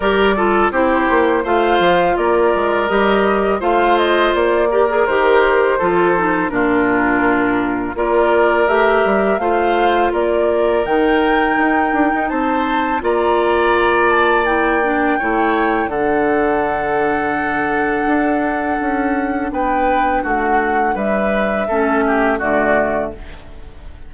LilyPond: <<
  \new Staff \with { instrumentName = "flute" } { \time 4/4 \tempo 4 = 83 d''4 c''4 f''4 d''4 | dis''4 f''8 dis''8 d''4 c''4~ | c''4 ais'2 d''4 | e''4 f''4 d''4 g''4~ |
g''4 a''4 ais''4. a''8 | g''2 fis''2~ | fis''2. g''4 | fis''4 e''2 d''4 | }
  \new Staff \with { instrumentName = "oboe" } { \time 4/4 ais'8 a'8 g'4 c''4 ais'4~ | ais'4 c''4. ais'4. | a'4 f'2 ais'4~ | ais'4 c''4 ais'2~ |
ais'4 c''4 d''2~ | d''4 cis''4 a'2~ | a'2. b'4 | fis'4 b'4 a'8 g'8 fis'4 | }
  \new Staff \with { instrumentName = "clarinet" } { \time 4/4 g'8 f'8 e'4 f'2 | g'4 f'4. g'16 gis'16 g'4 | f'8 dis'8 d'2 f'4 | g'4 f'2 dis'4~ |
dis'2 f'2 | e'8 d'8 e'4 d'2~ | d'1~ | d'2 cis'4 a4 | }
  \new Staff \with { instrumentName = "bassoon" } { \time 4/4 g4 c'8 ais8 a8 f8 ais8 gis8 | g4 a4 ais4 dis4 | f4 ais,2 ais4 | a8 g8 a4 ais4 dis4 |
dis'8 d'16 dis'16 c'4 ais2~ | ais4 a4 d2~ | d4 d'4 cis'4 b4 | a4 g4 a4 d4 | }
>>